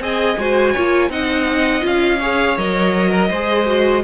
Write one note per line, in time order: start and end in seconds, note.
0.00 0.37 C4
0.00 0.38 G#4
0.00 0.40 D#5
0.00 1.11 G#5
0.38 0.75 G#3
0.38 0.77 F#4
0.38 0.73 C5
0.73 1.10 A#3
0.73 1.11 F4
0.73 1.09 C#5
1.10 1.83 C4
1.10 1.82 D#4
1.10 2.20 D#5
1.10 1.85 F#5
1.82 2.58 C#4
1.82 2.18 F4
1.82 2.58 F5
2.20 2.58 G#4
2.20 3.10 C#5
2.58 3.31 F#3
2.58 3.32 A#4
2.58 4.04 D#5
3.10 3.29 A#4
3.30 4.04 G#3
3.30 3.66 G#4
3.30 4.03 C5
3.66 4.03 F#4